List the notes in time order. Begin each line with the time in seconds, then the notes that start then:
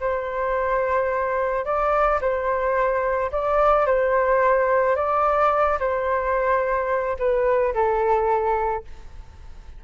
0.00 C5
1.65 D5
2.21 C5
3.32 D5
3.86 C5
4.96 D5
5.79 C5
7.19 B4
7.74 A4